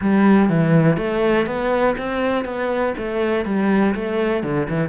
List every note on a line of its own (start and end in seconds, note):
0.01 0.49 G3
0.49 0.97 E3
0.97 1.46 A3
1.46 1.95 B3
1.97 2.45 C4
2.45 2.94 B3
2.97 3.45 A3
3.45 3.94 G3
3.95 4.43 A3
4.43 4.67 D3
4.69 4.89 E3